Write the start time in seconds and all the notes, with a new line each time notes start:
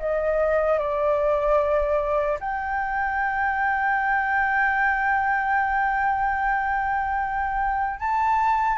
0.00 D#5
0.79 D5
2.40 G5
8.00 A5